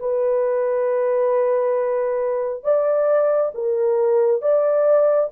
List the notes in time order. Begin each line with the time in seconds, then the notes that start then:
0.00 B4
2.64 D5
3.55 A#4
4.42 D5